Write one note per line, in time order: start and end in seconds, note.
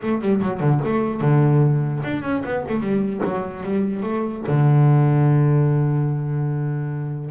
0.02 0.21 A3
0.21 0.41 G3
0.42 0.60 F#3
0.60 0.80 D3
0.84 1.20 A3
1.20 2.01 D3
2.03 2.22 D4
2.22 2.42 C#4
2.44 2.65 B3
2.68 2.80 A3
2.80 3.21 G3
3.24 3.63 F#3
3.63 4.02 G3
4.02 4.43 A3
4.47 7.30 D3